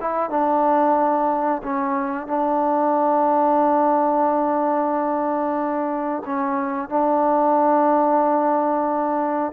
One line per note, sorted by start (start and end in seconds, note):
0.00 0.30 E4
0.30 1.62 D4
1.63 2.27 C#4
2.27 6.22 D4
6.25 6.89 C#4
6.89 9.52 D4